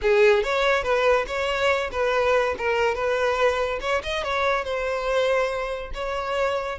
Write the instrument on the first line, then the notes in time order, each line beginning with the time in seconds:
violin
0.01 G#4
0.43 C#5
0.83 B4
1.27 C#5
1.91 B4
2.58 A#4
2.94 B4
3.80 C#5
4.03 D#5
4.23 C#5
4.64 C5
5.94 C#5